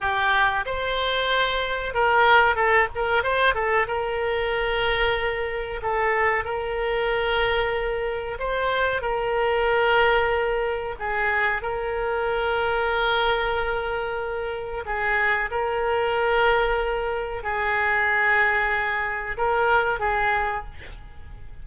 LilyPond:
\new Staff \with { instrumentName = "oboe" } { \time 4/4 \tempo 4 = 93 g'4 c''2 ais'4 | a'8 ais'8 c''8 a'8 ais'2~ | ais'4 a'4 ais'2~ | ais'4 c''4 ais'2~ |
ais'4 gis'4 ais'2~ | ais'2. gis'4 | ais'2. gis'4~ | gis'2 ais'4 gis'4 | }